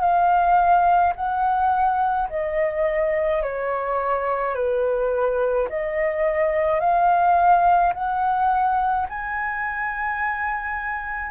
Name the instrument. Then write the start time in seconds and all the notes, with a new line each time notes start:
flute
0.00 F5
1.16 F#5
2.30 D#5
3.43 C#5
4.55 B4
5.70 D#5
6.80 F5
7.95 F#5
9.10 G#5